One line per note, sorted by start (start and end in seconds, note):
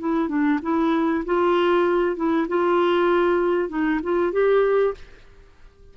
0.00 0.29 E4
0.29 0.60 D4
0.63 1.25 E4
1.26 2.16 F4
2.16 2.47 E4
2.49 3.69 F4
3.69 4.00 D#4
4.03 4.33 F4
4.33 4.95 G4